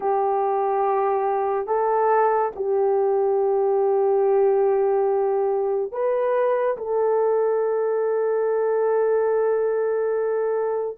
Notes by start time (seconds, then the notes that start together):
0.00 G4
1.67 A4
2.55 G4
5.92 B4
6.77 A4